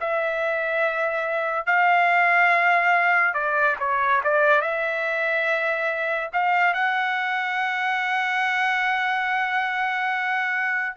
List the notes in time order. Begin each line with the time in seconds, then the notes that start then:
0.00 E5
1.66 F5
3.34 D5
3.79 C#5
4.24 D5
4.61 E5
6.33 F5
6.73 F#5